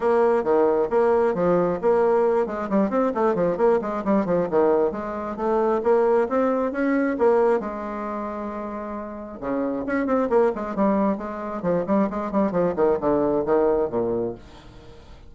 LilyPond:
\new Staff \with { instrumentName = "bassoon" } { \time 4/4 \tempo 4 = 134 ais4 dis4 ais4 f4 | ais4. gis8 g8 c'8 a8 f8 | ais8 gis8 g8 f8 dis4 gis4 | a4 ais4 c'4 cis'4 |
ais4 gis2.~ | gis4 cis4 cis'8 c'8 ais8 gis8 | g4 gis4 f8 g8 gis8 g8 | f8 dis8 d4 dis4 ais,4 | }